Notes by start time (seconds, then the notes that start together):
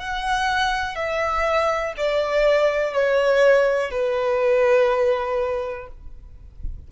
0.00 F#5
0.96 E5
1.97 D5
2.94 C#5
3.91 B4